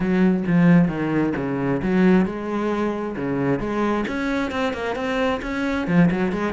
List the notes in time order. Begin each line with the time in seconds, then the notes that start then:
0.00 F#3
0.47 F3
0.88 D#3
1.36 C#3
1.82 F#3
2.25 G#3
3.16 C#3
3.59 G#3
4.07 C#4
4.51 C4
4.73 A#3
4.95 C4
5.42 C#4
5.87 F3
6.10 F#3
6.32 G#3